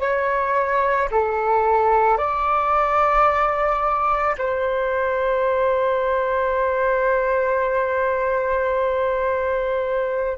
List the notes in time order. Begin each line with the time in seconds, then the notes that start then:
0.00 C#5
1.11 A4
2.18 D5
4.38 C5